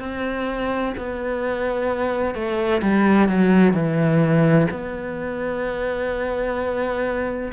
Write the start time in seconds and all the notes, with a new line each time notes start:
0.00 C4
0.98 B3
2.35 A3
2.82 G3
3.29 F#3
3.74 E3
4.71 B3